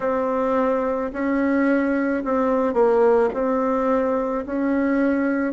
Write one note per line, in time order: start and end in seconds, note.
0.00 1.11 C4
1.12 2.23 C#4
2.24 2.73 C4
2.73 3.29 A#3
3.33 4.44 C4
4.45 5.53 C#4